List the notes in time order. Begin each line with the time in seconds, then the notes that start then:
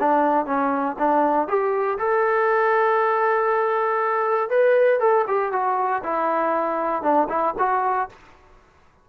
0.00 D4
0.47 C#4
0.99 D4
1.48 G4
1.99 A4
4.50 B4
5.00 A4
5.28 G4
5.53 F#4
6.04 E4
7.03 D4
7.30 E4
7.59 F#4